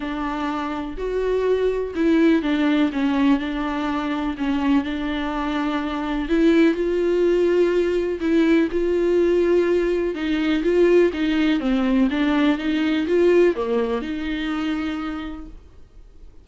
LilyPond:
\new Staff \with { instrumentName = "viola" } { \time 4/4 \tempo 4 = 124 d'2 fis'2 | e'4 d'4 cis'4 d'4~ | d'4 cis'4 d'2~ | d'4 e'4 f'2~ |
f'4 e'4 f'2~ | f'4 dis'4 f'4 dis'4 | c'4 d'4 dis'4 f'4 | ais4 dis'2. | }